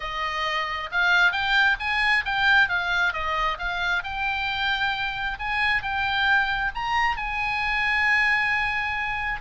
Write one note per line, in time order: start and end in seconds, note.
0.00 0.90 D#5
0.91 1.31 F5
1.31 1.76 G5
1.79 2.24 G#5
2.25 2.69 G5
2.69 3.13 F5
3.13 3.58 D#5
3.58 4.03 F5
4.03 5.38 G5
5.39 5.82 G#5
5.82 6.71 G5
6.74 7.16 A#5
7.16 9.40 G#5